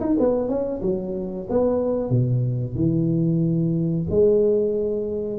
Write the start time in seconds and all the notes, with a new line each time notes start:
0.00 D#4
0.19 B3
0.49 C#4
0.82 F#3
1.49 B3
2.10 B2
2.75 E3
4.10 G#3